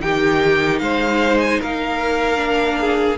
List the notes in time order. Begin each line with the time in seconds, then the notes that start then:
0.00 D#3 D#4 G4 G5
0.79 G#3 C5 F5
1.40 G#5
1.60 A#3 A#4 F5
2.36 D4
2.80 G#4